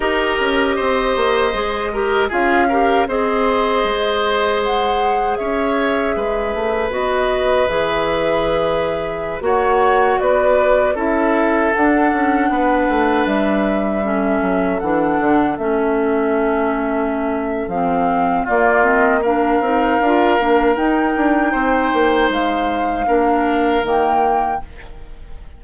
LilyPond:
<<
  \new Staff \with { instrumentName = "flute" } { \time 4/4 \tempo 4 = 78 dis''2. f''4 | dis''2 fis''4 e''4~ | e''4 dis''4 e''2~ | e''16 fis''4 d''4 e''4 fis''8.~ |
fis''4~ fis''16 e''2 fis''8.~ | fis''16 e''2~ e''8. f''4 | d''8 dis''8 f''2 g''4~ | g''4 f''2 g''4 | }
  \new Staff \with { instrumentName = "oboe" } { \time 4/4 ais'4 c''4. ais'8 gis'8 ais'8 | c''2. cis''4 | b'1~ | b'16 cis''4 b'4 a'4.~ a'16~ |
a'16 b'2 a'4.~ a'16~ | a'1 | f'4 ais'2. | c''2 ais'2 | }
  \new Staff \with { instrumentName = "clarinet" } { \time 4/4 g'2 gis'8 g'8 f'8 g'8 | gis'1~ | gis'4 fis'4 gis'2~ | gis'16 fis'2 e'4 d'8.~ |
d'2~ d'16 cis'4 d'8.~ | d'16 cis'2~ cis'8. c'4 | ais8 c'8 d'8 dis'8 f'8 d'8 dis'4~ | dis'2 d'4 ais4 | }
  \new Staff \with { instrumentName = "bassoon" } { \time 4/4 dis'8 cis'8 c'8 ais8 gis4 cis'4 | c'4 gis2 cis'4 | gis8 a8 b4 e2~ | e16 ais4 b4 cis'4 d'8 cis'16~ |
cis'16 b8 a8 g4. fis8 e8 d16~ | d16 a2~ a8. f4 | ais4. c'8 d'8 ais8 dis'8 d'8 | c'8 ais8 gis4 ais4 dis4 | }
>>